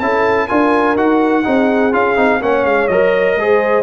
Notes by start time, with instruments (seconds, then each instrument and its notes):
0.00 tuba C#4, trombone E4, horn A4, trumpet A5
0.47 tuba D4, trombone F4, horn A#4, trumpet G#5
0.96 tuba D#4, trombone F#4, trumpet F#5
1.44 tuba C4, trombone D#4, horn G#4
1.92 tuba C#4, trombone F4, trumpet F5
2.16 tuba C4, trombone D#4
2.41 tuba A#3, trombone C#4, horn C#5, trumpet F#5
2.65 tuba G#3, trumpet F5
2.88 tuba F#3, trombone A#4, trumpet D#5
3.36 tuba G#3, trombone G#4, horn C5